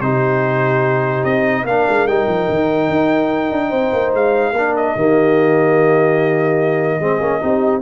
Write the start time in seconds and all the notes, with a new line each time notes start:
0.00 C3 D#4 G4 C5
1.24 C4 D#5
1.64 A#3 D4 A#4 F5
1.88 G#3
2.06 G3 D#4 G5
2.27 F3
2.49 D#3
2.89 D#4
3.51 D4
3.68 C4 C5
3.93 A#3
4.13 G#3 F5
4.52 A#3 D4 A#4
4.75 D#5
4.95 D#3 A#3 G4
6.99 G#3 C4 G#4
7.20 A#3 C#4
7.40 C4 D#4 G4